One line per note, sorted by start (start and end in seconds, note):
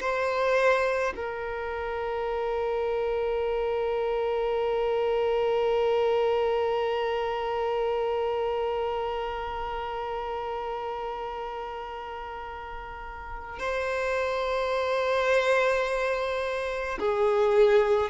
0.00 1.13 C5
1.16 13.59 A#4
13.59 16.99 C5
17.00 18.10 G#4